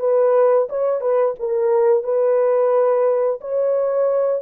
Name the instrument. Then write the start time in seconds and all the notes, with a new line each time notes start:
horn
0.00 B4
0.70 C#5
1.01 B4
1.39 A#4
2.04 B4
3.41 C#5